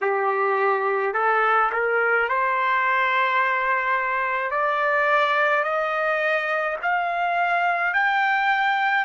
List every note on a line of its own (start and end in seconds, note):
0.01 1.13 G4
1.13 1.70 A4
1.72 2.28 A#4
2.28 4.50 C5
4.50 5.63 D5
5.63 6.76 D#5
6.82 7.93 F5
7.93 9.05 G5